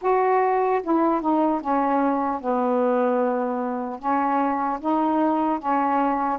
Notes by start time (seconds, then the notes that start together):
0.01 F#4
0.82 E4
1.21 D#4
1.61 C#4
2.40 B3
3.99 C#4
4.80 D#4
5.59 C#4